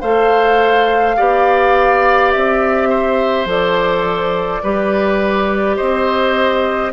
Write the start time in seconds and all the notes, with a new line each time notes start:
0.00 A3 A4 C5 F5
1.16 B3 G4 D5
2.31 C4 E5
2.88 C5
3.45 F3 A4 D5
4.63 G3 G4 B4
5.76 C4 C5 D#5